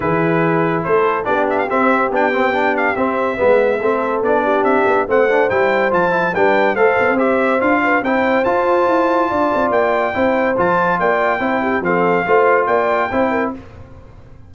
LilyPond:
<<
  \new Staff \with { instrumentName = "trumpet" } { \time 4/4 \tempo 4 = 142 b'2 c''4 d''8 e''16 f''16 | e''4 g''4. f''8 e''4~ | e''2 d''4 e''4 | fis''4 g''4 a''4 g''4 |
f''4 e''4 f''4 g''4 | a''2. g''4~ | g''4 a''4 g''2 | f''2 g''2 | }
  \new Staff \with { instrumentName = "horn" } { \time 4/4 gis'2 a'4 g'4~ | g'1 | b'4 a'4. g'4. | c''2. b'4 |
c''2~ c''8 b'8 c''4~ | c''2 d''2 | c''2 d''4 c''8 g'8 | a'4 c''4 d''4 c''8 ais'8 | }
  \new Staff \with { instrumentName = "trombone" } { \time 4/4 e'2. d'4 | c'4 d'8 c'8 d'4 c'4 | b4 c'4 d'2 | c'8 d'8 e'4 f'8 e'8 d'4 |
a'4 g'4 f'4 e'4 | f'1 | e'4 f'2 e'4 | c'4 f'2 e'4 | }
  \new Staff \with { instrumentName = "tuba" } { \time 4/4 e2 a4 b4 | c'4 b2 c'4 | gis4 a4 b4 c'8 b8 | a4 g4 f4 g4 |
a8 b16 c'4~ c'16 d'4 c'4 | f'4 e'4 d'8 c'8 ais4 | c'4 f4 ais4 c'4 | f4 a4 ais4 c'4 | }
>>